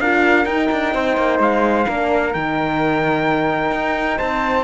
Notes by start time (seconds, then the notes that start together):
0.00 D4 F4 A#4 F5
0.45 D#4 G5
0.71 D4
0.94 C4 C5
1.17 A#3
1.39 G#3 F5
1.86 A#3 D4 A#4
2.33 D#3 D#4 G5
3.71 D#4
4.17 C4 C5 A5